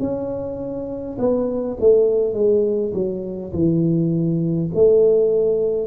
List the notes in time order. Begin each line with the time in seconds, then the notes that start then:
0.00 C#4
1.19 B3
1.80 A3
2.34 G#3
2.94 F#3
3.53 E3
4.74 A3